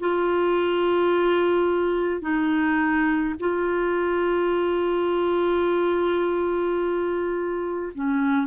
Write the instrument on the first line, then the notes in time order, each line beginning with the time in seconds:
clarinet
0.00 F4
2.22 D#4
3.40 F4
7.95 C#4